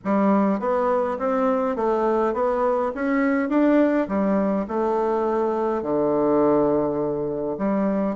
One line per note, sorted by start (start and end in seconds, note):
0.04 0.59 G3
0.59 1.18 B3
1.19 1.76 C4
1.76 2.33 A3
2.33 2.92 B3
2.94 3.49 C#4
3.49 4.07 D4
4.08 4.66 G3
4.68 5.82 A3
5.82 7.57 D3
7.58 8.15 G3